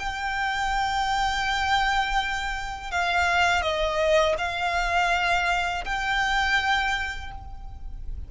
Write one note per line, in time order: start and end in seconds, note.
0.00 2.92 G5
2.92 3.63 F5
3.63 4.36 D#5
4.39 5.85 F5
5.85 7.32 G5